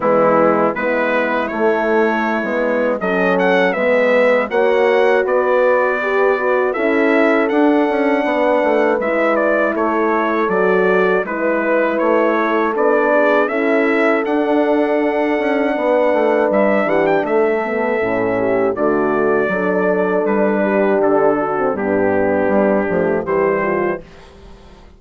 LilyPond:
<<
  \new Staff \with { instrumentName = "trumpet" } { \time 4/4 \tempo 4 = 80 e'4 b'4 cis''2 | dis''8 fis''8 e''4 fis''4 d''4~ | d''4 e''4 fis''2 | e''8 d''8 cis''4 d''4 b'4 |
cis''4 d''4 e''4 fis''4~ | fis''2 e''8 fis''16 g''16 e''4~ | e''4 d''2 b'4 | a'4 g'2 c''4 | }
  \new Staff \with { instrumentName = "horn" } { \time 4/4 b4 e'2. | a'4 b'4 cis''4 b'4~ | b'4 a'2 b'4~ | b'4 a'2 b'4~ |
b'8 a'4 gis'8 a'2~ | a'4 b'4. g'8 a'4~ | a'8 g'8 fis'4 a'4. g'8~ | g'8 fis'8 d'2 g'8 f'8 | }
  \new Staff \with { instrumentName = "horn" } { \time 4/4 gis4 b4 a4~ a16 b8. | cis'4 b4 fis'2 | g'8 fis'8 e'4 d'2 | e'2 fis'4 e'4~ |
e'4 d'4 e'4 d'4~ | d'2.~ d'8 b8 | cis'4 a4 d'2~ | d'8. c'16 b4. a8 g4 | }
  \new Staff \with { instrumentName = "bassoon" } { \time 4/4 e4 gis4 a4~ a16 gis8. | fis4 gis4 ais4 b4~ | b4 cis'4 d'8 cis'8 b8 a8 | gis4 a4 fis4 gis4 |
a4 b4 cis'4 d'4~ | d'8 cis'8 b8 a8 g8 e8 a4 | a,4 d4 fis4 g4 | d4 g,4 g8 f8 e4 | }
>>